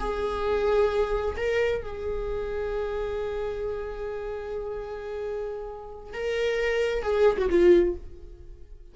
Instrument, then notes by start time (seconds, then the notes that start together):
viola
0.00 G#4
1.37 A#4
1.83 G#4
6.14 A#4
7.03 G#4
7.38 F#4
7.50 F4